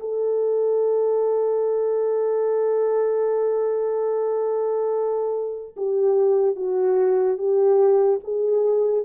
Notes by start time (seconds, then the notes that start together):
0.00 A4
5.77 G4
6.56 F#4
7.38 G4
8.24 G#4